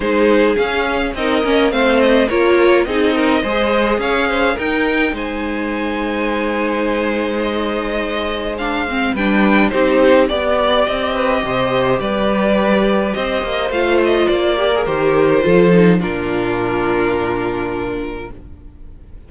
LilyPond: <<
  \new Staff \with { instrumentName = "violin" } { \time 4/4 \tempo 4 = 105 c''4 f''4 dis''4 f''8 dis''8 | cis''4 dis''2 f''4 | g''4 gis''2.~ | gis''4 dis''2 f''4 |
g''4 c''4 d''4 dis''4~ | dis''4 d''2 dis''4 | f''8 dis''8 d''4 c''2 | ais'1 | }
  \new Staff \with { instrumentName = "violin" } { \time 4/4 gis'2 ais'4 c''4 | ais'4 gis'8 ais'8 c''4 cis''8 c''8 | ais'4 c''2.~ | c''1 |
b'4 g'4 d''4. b'8 | c''4 b'2 c''4~ | c''4. ais'4. a'4 | f'1 | }
  \new Staff \with { instrumentName = "viola" } { \time 4/4 dis'4 cis'4 dis'8 cis'8 c'4 | f'4 dis'4 gis'2 | dis'1~ | dis'2. d'8 c'8 |
d'4 dis'4 g'2~ | g'1 | f'4. g'16 gis'16 g'4 f'8 dis'8 | d'1 | }
  \new Staff \with { instrumentName = "cello" } { \time 4/4 gis4 cis'4 c'8 ais8 a4 | ais4 c'4 gis4 cis'4 | dis'4 gis2.~ | gis1 |
g4 c'4 b4 c'4 | c4 g2 c'8 ais8 | a4 ais4 dis4 f4 | ais,1 | }
>>